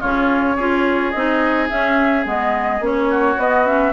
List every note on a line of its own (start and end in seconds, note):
0.00 0.57 C#3
0.00 0.59 C#4
0.00 0.56 F4
0.00 1.11 C#5
0.56 1.14 C#4
0.56 1.15 F4
0.56 3.09 G#4
1.11 1.71 C4
1.11 1.70 D#4
1.11 1.67 D#5
1.70 2.25 C#4
1.70 2.26 C#4
1.70 2.26 E5
2.25 2.81 G#3
2.25 2.81 B3
2.25 2.84 D#5
2.81 3.37 A#3
2.81 3.38 C#4
2.81 3.41 C#5
3.11 3.93 F#4
3.38 3.93 B3
3.38 3.66 B3
3.38 3.67 D#5
3.66 3.93 C#4
3.66 3.93 E5